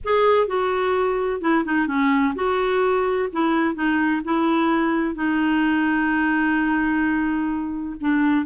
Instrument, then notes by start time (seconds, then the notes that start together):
clarinet
0.04 G#4
0.47 F#4
1.41 E4
1.64 D#4
1.87 C#4
2.35 F#4
3.32 E4
3.74 D#4
4.24 E4
5.14 D#4
8.00 D4